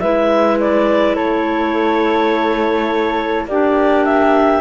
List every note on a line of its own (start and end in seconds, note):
0.00 1.18 G#3
0.00 3.49 E4
0.00 1.16 B4
0.00 0.58 E5
0.60 1.16 D5
1.16 3.45 A3
1.16 3.47 A4
1.16 3.47 C#5
3.45 4.60 A#3
3.45 4.62 G4
3.45 4.05 D5
3.51 4.62 D4
4.05 4.62 E5